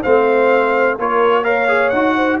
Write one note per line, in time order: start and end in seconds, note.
0.00 0.98 A3
0.00 0.98 C4
0.00 0.95 C5
0.00 0.98 F5
0.98 1.92 A#3
0.98 1.43 F4
0.98 1.44 A#4
0.98 1.44 C#5
1.43 1.67 A#4
1.43 2.15 C#5
1.43 1.89 F5
1.68 1.92 G#4
1.89 2.40 D#4
1.89 2.40 F#4
1.89 2.36 F#5
2.15 2.39 C5